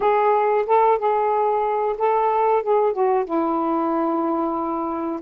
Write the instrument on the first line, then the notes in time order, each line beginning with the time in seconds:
saxophone
0.00 G#4
0.66 A4
0.98 G#4
1.97 A4
2.63 G#4
2.92 F#4
3.24 E4